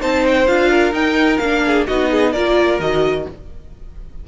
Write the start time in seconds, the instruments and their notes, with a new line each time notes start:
0.00 cello C4, viola D#4, violin C5 A5
0.27 violin G5
0.47 cello D4, viola F4, violin F5
0.70 violin A#4
0.93 cello D#4, viola D#4, violin G5
1.38 cello A#3, viola D4, violin F5
1.66 violin G#4
1.87 cello B3, viola D#4, violin F#4 D#5
2.11 violin G#4
2.32 cello A#3, viola F4, violin A#4 D5
2.80 cello D#3, viola F#4, violin D#5